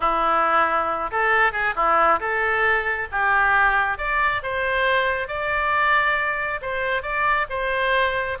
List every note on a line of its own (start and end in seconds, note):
0.00 1.10 E4
1.11 1.52 A4
1.52 1.74 G#4
1.75 2.19 E4
2.19 3.08 A4
3.11 3.98 G4
3.98 4.42 D5
4.43 5.28 C5
5.28 6.60 D5
6.61 7.02 C5
7.02 7.46 D5
7.49 8.38 C5